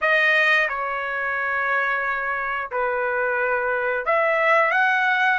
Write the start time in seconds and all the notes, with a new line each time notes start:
0.01 D#5
0.68 C#5
2.71 B4
4.05 E5
4.71 F#5